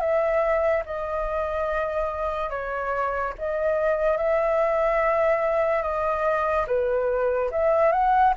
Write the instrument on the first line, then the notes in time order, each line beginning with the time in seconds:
flute
0.00 E5
0.86 D#5
2.50 C#5
3.39 D#5
4.17 E5
5.82 D#5
6.67 B4
7.51 E5
7.92 F#5